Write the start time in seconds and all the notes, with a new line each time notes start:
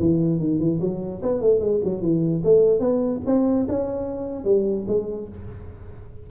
0.00 E3
0.40 D#3
0.60 E3
0.81 F#3
1.23 B3
1.42 A3
1.60 G#3
1.84 F#3
2.02 E3
2.44 A3
2.80 B3
3.26 C4
3.69 C#4
4.45 G3
4.88 G#3